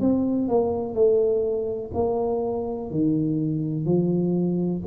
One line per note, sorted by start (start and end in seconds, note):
0.00 0.48 C4
0.48 0.94 A#3
0.94 1.91 A3
1.94 2.91 A#3
2.91 3.85 D#3
3.85 4.82 F3